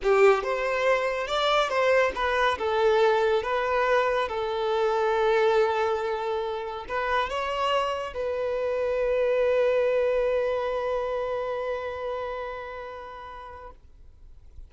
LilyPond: \new Staff \with { instrumentName = "violin" } { \time 4/4 \tempo 4 = 140 g'4 c''2 d''4 | c''4 b'4 a'2 | b'2 a'2~ | a'1 |
b'4 cis''2 b'4~ | b'1~ | b'1~ | b'1 | }